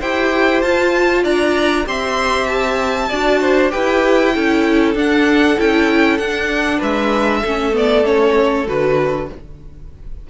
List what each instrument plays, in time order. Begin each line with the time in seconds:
0.00 cello E4, viola G4, violin C5 G5
0.61 cello F4, viola F4, violin A5
1.23 cello D4, violin D5 A#5
1.86 cello C4, viola G4, violin E5 C6
2.47 violin A5
3.09 cello D4, viola F#4, violin D5
3.40 violin C5
3.70 cello E4, viola G4, violin B4 G5
4.34 cello C#4, viola E4, violin A4
4.94 cello D4, viola D4, violin F#5
5.57 cello C#4, viola E4, violin G5
6.17 cello D4, viola D4, violin F#5
6.78 cello G#3, violin B4 E5
7.41 cello A3, viola C#4, violin A4
7.72 viola B3, violin D5
8.04 viola C#4, violin C#5
8.66 cello D3, viola F#4, violin B4